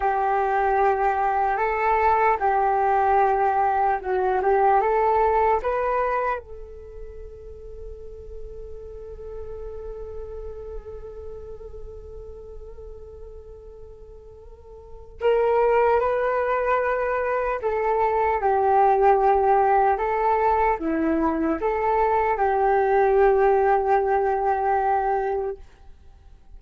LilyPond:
\new Staff \with { instrumentName = "flute" } { \time 4/4 \tempo 4 = 75 g'2 a'4 g'4~ | g'4 fis'8 g'8 a'4 b'4 | a'1~ | a'1~ |
a'2. ais'4 | b'2 a'4 g'4~ | g'4 a'4 e'4 a'4 | g'1 | }